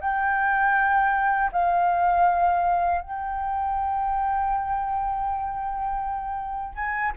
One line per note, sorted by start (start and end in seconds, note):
0.00 1.50 G5
1.52 3.01 F5
3.01 6.75 G5
6.75 7.12 G#5